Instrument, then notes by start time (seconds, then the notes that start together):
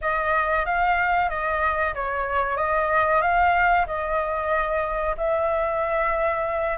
flute
0.01 D#5
0.65 F5
1.29 D#5
1.94 C#5
2.57 D#5
3.21 F5
3.86 D#5
5.17 E5